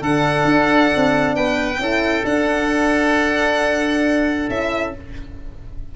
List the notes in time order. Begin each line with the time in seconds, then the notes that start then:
0.00 D3 D4 A4 F#5
0.44 D4
0.95 C4
1.35 B3 B4 G5
1.78 C#4 E4 A4
2.25 D4 F#5
4.49 C#4 E4 E5